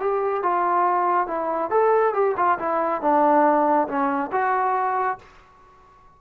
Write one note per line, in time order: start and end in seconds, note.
0.00 0.43 G4
0.43 1.27 F4
1.27 1.71 E4
1.71 2.14 A4
2.14 2.35 G4
2.37 2.59 F4
2.59 3.02 E4
3.02 3.88 D4
3.88 4.31 C#4
4.32 5.19 F#4